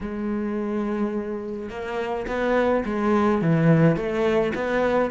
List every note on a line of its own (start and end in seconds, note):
0.00 1.69 G#3
1.69 2.26 A#3
2.27 2.84 B3
2.85 3.41 G#3
3.41 3.96 E3
3.96 4.53 A3
4.55 5.10 B3